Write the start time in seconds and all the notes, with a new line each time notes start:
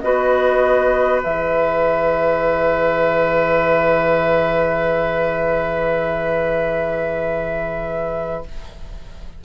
0.00 B3 F#4 B4 D#5
1.23 E3 G#4 E5